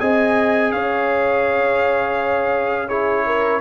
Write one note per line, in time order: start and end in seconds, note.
0.00 0.73 C4
0.00 2.89 G#4
0.00 0.72 D#5
0.00 0.72 G#5
0.72 3.62 C#4
0.72 2.89 C#5
0.72 2.89 F5
2.89 3.62 E4
2.89 3.25 G#4
2.89 3.61 C#5
3.27 3.62 A#4